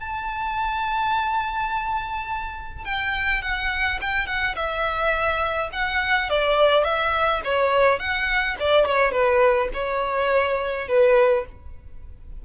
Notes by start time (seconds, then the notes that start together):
0.00 A5
2.85 G5
3.42 F#5
4.01 G5
4.26 F#5
4.55 E5
5.72 F#5
6.29 D5
6.84 E5
7.44 C#5
7.99 F#5
8.59 D5
8.85 C#5
9.11 B4
9.74 C#5
10.88 B4